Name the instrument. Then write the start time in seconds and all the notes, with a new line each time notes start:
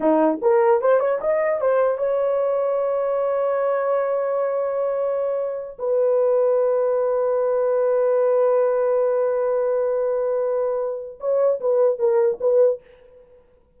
horn
0.00 D#4
0.41 A#4
0.81 C5
0.99 C#5
1.20 D#5
1.60 C5
1.97 C#5
5.79 B4
11.19 C#5
11.60 B4
11.98 A#4
12.40 B4